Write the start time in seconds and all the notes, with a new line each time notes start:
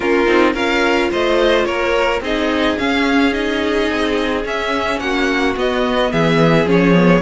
0.00 A#3 C#4 F4 A#4
0.26 C4 D#4
0.53 C#4 F4 A#4 F5
1.11 A3 C5 D#5
1.64 A#3 A#4 C#5
2.20 C4 D#4 G#4 D#5
2.78 C#4 F5
3.31 D#4 D#5
3.90 C4
4.44 C#4 E5
4.99 A#3 F#4 F#5
5.56 B3 D#5
6.11 E3 G#4 E5
6.65 F3 C#4 C#5
6.94 B3